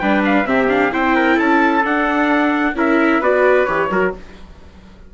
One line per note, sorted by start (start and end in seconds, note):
0.00 0.46 G3
0.00 0.45 D4
0.00 0.48 B4
0.00 0.23 G5
0.25 0.48 F5
0.45 0.91 C3
0.45 0.68 C4
0.45 0.93 G4
0.45 0.70 E5
0.69 0.92 D4
0.69 0.93 F5
0.92 1.39 C4
0.92 1.83 E4
0.92 1.16 C5
0.92 1.39 G5
1.16 1.36 A#4
1.36 1.84 C#4
1.36 2.74 A4
1.36 1.85 A5
1.84 2.74 D4
1.84 2.76 D4
1.84 2.77 F#5
2.74 3.20 C#4
2.74 3.22 E4
2.74 3.21 A#4
2.74 3.23 E5
3.21 3.67 B3
3.21 3.67 F#4
3.21 3.90 B4
3.21 3.66 D5
3.66 3.90 E3
3.66 3.90 G4
3.66 4.12 C#5
3.90 4.13 F#3
3.90 4.15 F#4
3.90 4.15 A#4